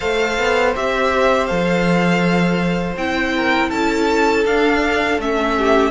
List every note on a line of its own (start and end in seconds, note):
0.00 0.38 A3
0.00 0.75 A4
0.00 3.33 C5
0.00 0.74 F5
0.38 0.75 B3
0.75 1.50 C4
0.75 1.48 G4
0.75 1.46 E5
1.46 2.96 F3
1.46 2.97 A4
1.46 2.94 F5
2.96 3.70 C4
2.96 4.46 E4
2.96 3.70 G5
3.36 3.69 A#4
3.69 4.45 C#4
3.69 5.54 A4
3.69 4.44 A5
4.45 5.17 D4
4.45 5.20 D4
4.45 5.20 F5
5.17 5.90 A3
5.17 5.90 C#4
5.17 5.90 E5
5.57 5.90 G4